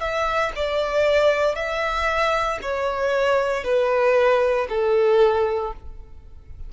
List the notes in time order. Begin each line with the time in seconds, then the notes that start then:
0.00 E5
0.55 D5
1.55 E5
2.61 C#5
3.63 B4
4.69 A4